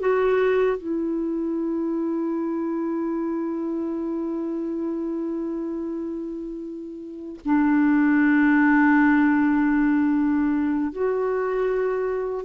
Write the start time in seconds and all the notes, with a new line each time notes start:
0.00 F#4
0.77 E4
7.45 D4
10.92 F#4